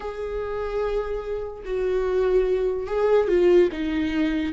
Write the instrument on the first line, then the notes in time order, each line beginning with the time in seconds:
viola
0.00 G#4
1.64 F#4
2.87 G#4
3.28 F4
3.72 D#4